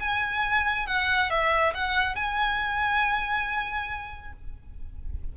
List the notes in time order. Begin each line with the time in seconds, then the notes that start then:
0.00 G#5
0.87 F#5
1.30 E5
1.75 F#5
2.15 G#5